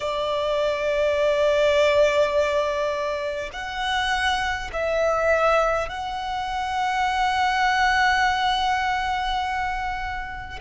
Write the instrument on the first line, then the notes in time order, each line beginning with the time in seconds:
violin
0.00 D5
3.52 F#5
4.73 E5
5.88 F#5